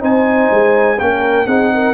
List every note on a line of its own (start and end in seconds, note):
0.00 0.50 C4
0.00 0.97 D#4
0.00 0.98 C5
0.00 0.99 G#5
0.51 0.99 G#3
0.98 1.46 A#3
0.98 1.47 C#4
0.98 1.47 A#4
0.98 1.47 G5
1.46 1.94 C4
1.46 1.94 D#4
1.46 1.71 G#4
1.46 1.94 F#5
1.74 1.94 A#4